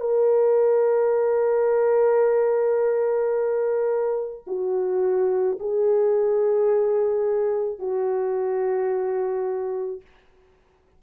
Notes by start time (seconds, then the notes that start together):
0.00 A#4
4.47 F#4
5.60 G#4
7.79 F#4